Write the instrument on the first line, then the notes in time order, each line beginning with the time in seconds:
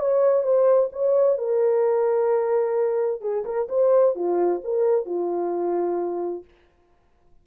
horn
0.00 C#5
0.43 C5
0.93 C#5
1.38 A#4
3.21 G#4
3.45 A#4
3.69 C5
4.15 F4
4.64 A#4
5.06 F4